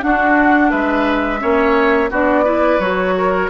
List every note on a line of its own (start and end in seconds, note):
0.00 1.39 D4
0.00 0.72 D4
0.00 0.70 F#4
0.00 0.70 F#5
0.70 1.42 G#3
0.70 1.40 B4
0.70 2.10 E5
1.39 2.10 A#3
1.39 2.08 C#4
1.39 2.10 C#5
2.10 2.79 B3
2.10 2.44 D4
2.10 2.44 F#4
2.10 2.79 D5
2.44 2.79 E4
2.44 3.14 B4
2.79 3.48 F#3
2.79 3.50 F#4
2.79 3.49 C#5
3.17 3.50 A#4